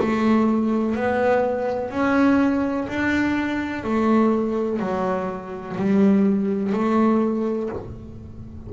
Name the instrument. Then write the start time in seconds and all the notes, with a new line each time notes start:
double bass
0.00 A3
0.95 B3
1.91 C#4
2.89 D4
3.84 A3
4.79 F#3
5.77 G3
6.73 A3